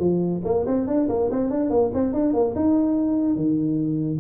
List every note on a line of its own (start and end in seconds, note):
0.00 0.42 F3
0.45 0.66 A#3
0.67 0.87 C4
0.87 1.08 D4
1.09 1.30 A#3
1.31 1.51 C4
1.51 1.71 D4
1.71 1.91 A#3
1.94 2.14 C4
2.14 2.34 D4
2.34 2.55 A#3
2.56 3.36 D#4
3.36 4.20 D#3